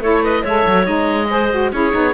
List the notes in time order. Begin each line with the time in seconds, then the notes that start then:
0.00 A3 E4 A4 C#5
0.23 B4 D#5
0.42 G#3 A4 C#5 E5
0.66 F#3
0.84 G#3 D#4 D#5
1.29 G#4 C5
1.50 F#4
1.72 C#4 E4 G#4 C#5
1.91 B3 D#4